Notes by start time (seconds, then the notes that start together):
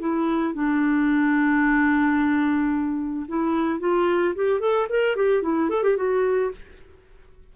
0.00 E4
0.54 D4
3.28 E4
3.80 F4
4.35 G4
4.60 A4
4.89 A#4
5.16 G4
5.42 E4
5.70 A4
5.83 G4
5.97 F#4